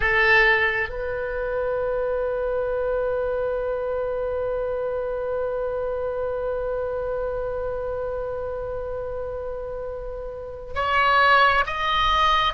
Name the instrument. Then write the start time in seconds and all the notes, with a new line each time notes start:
oboe
0.00 A4
0.89 B4
10.74 C#5
11.66 D#5